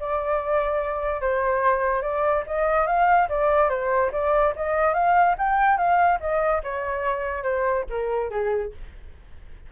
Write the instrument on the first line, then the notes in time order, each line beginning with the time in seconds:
flute
0.00 D5
1.21 C5
2.02 D5
2.47 D#5
2.87 F5
3.29 D5
3.70 C5
4.12 D5
4.56 D#5
4.94 F5
5.38 G5
5.77 F5
6.20 D#5
6.63 C#5
7.43 C5
7.90 A#4
8.30 G#4